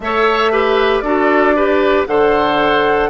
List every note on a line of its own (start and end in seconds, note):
0.00 1.02 A3
0.00 0.52 A4
0.00 0.51 C#5
0.00 1.00 E5
0.51 1.03 G4
0.51 1.03 B4
1.00 2.05 D4
1.00 1.55 F#4
1.00 1.55 A4
1.00 2.03 D5
1.55 2.07 G4
1.55 2.07 B4
2.06 3.09 D3
2.06 3.09 A4
2.06 3.09 C5
2.06 3.09 F#5